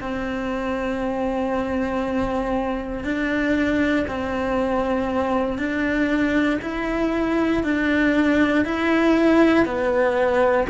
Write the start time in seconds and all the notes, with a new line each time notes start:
0.00 C4
3.04 D4
4.07 C4
5.58 D4
6.61 E4
7.63 D4
8.65 E4
9.65 B3